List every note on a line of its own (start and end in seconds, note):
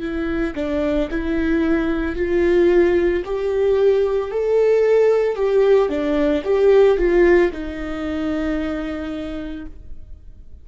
0.00 0.54 E4
0.55 1.09 D4
1.11 2.16 E4
2.16 3.23 F4
3.25 4.31 G4
4.31 5.36 A4
5.36 5.89 G4
5.89 6.42 D4
6.44 6.98 G4
6.98 7.51 F4
7.51 9.66 D#4